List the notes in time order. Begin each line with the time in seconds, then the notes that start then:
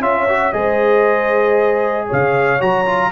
0.00 C#4 F4 C#5 E5
0.28 F#4
0.52 G#3 G#4 C5 D#5
2.06 C#3 C#5 F5
2.59 F#3 F#4 A#5
2.85 F4